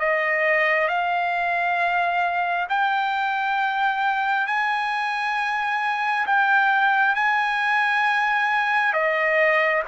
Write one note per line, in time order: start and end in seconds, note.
0.00 0.89 D#5
0.89 2.68 F5
2.69 4.47 G5
4.47 6.26 G#5
6.27 7.16 G5
7.16 8.94 G#5
8.94 9.83 D#5